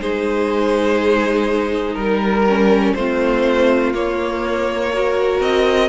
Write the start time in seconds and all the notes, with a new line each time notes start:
0.00 G#3 D#4 G#4 C5
1.94 G3 A#4
2.01 A#4
2.48 C#4
2.94 A3 C4 F4 C5
3.93 A#3 C#5
4.92 F#4 A#4
5.40 C4 D#5